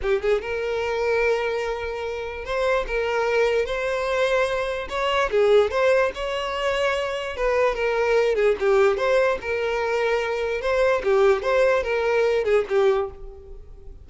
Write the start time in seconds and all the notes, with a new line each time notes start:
0.01 G4
0.21 G#4
0.41 A#4
2.44 C5
2.87 A#4
3.65 C5
4.89 C#5
5.31 G#4
5.70 C5
6.14 C#5
7.36 B4
7.74 A#4
8.35 G#4
8.59 G4
8.97 C5
9.41 A#4
10.61 C5
11.03 G4
11.42 C5
11.83 A#4
12.44 G#4
12.68 G4